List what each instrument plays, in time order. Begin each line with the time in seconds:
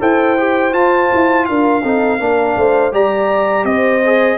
0.00 tuba E4, trombone A4, horn C5, trumpet G5
0.38 trombone G4
0.72 trombone F4, tuba F4, trumpet A5
1.14 tuba E4
1.45 tuba D4, horn A#4, trumpet F5
1.83 tuba C4, trombone D#4, horn A4
2.19 tuba A#3, trombone D4, horn A#4
2.56 tuba A3, horn C5
2.92 tuba G3, trombone G4, horn D5, trumpet A#5
3.64 tuba C4, horn C5, trumpet D#5
4.06 trombone G#4